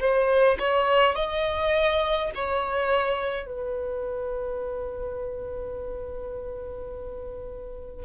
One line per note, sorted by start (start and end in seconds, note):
0.00 0.58 C5
0.59 1.15 C#5
1.15 2.31 D#5
2.34 3.46 C#5
3.46 8.05 B4